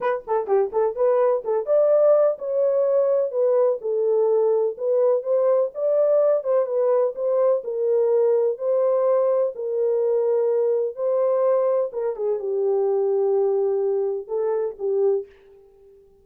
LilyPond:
\new Staff \with { instrumentName = "horn" } { \time 4/4 \tempo 4 = 126 b'8 a'8 g'8 a'8 b'4 a'8 d''8~ | d''4 cis''2 b'4 | a'2 b'4 c''4 | d''4. c''8 b'4 c''4 |
ais'2 c''2 | ais'2. c''4~ | c''4 ais'8 gis'8 g'2~ | g'2 a'4 g'4 | }